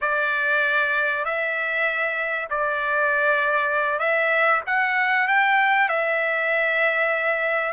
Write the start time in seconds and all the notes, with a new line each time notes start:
0.01 D5
1.24 E5
2.50 D5
3.99 E5
4.66 F#5
5.27 G5
5.88 E5